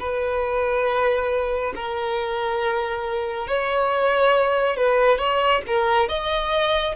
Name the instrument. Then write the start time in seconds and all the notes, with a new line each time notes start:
violin
0.00 B4
1.75 A#4
3.48 C#5
4.77 B4
5.19 C#5
5.68 A#4
6.09 D#5